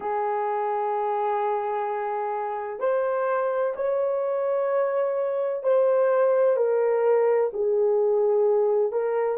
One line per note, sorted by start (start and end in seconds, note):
0.00 2.79 G#4
2.79 3.73 C5
3.76 5.63 C#5
5.63 6.56 C5
6.56 7.50 A#4
7.53 8.91 G#4
8.91 9.37 A#4